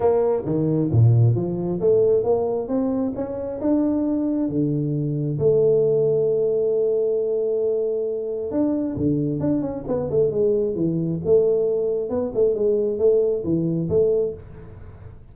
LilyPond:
\new Staff \with { instrumentName = "tuba" } { \time 4/4 \tempo 4 = 134 ais4 dis4 ais,4 f4 | a4 ais4 c'4 cis'4 | d'2 d2 | a1~ |
a2. d'4 | d4 d'8 cis'8 b8 a8 gis4 | e4 a2 b8 a8 | gis4 a4 e4 a4 | }